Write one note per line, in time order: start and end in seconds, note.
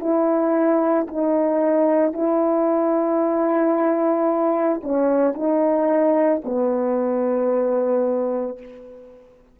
0.00 1.07 E4
1.08 2.13 D#4
2.13 4.81 E4
4.84 5.34 C#4
5.34 6.41 D#4
6.44 8.59 B3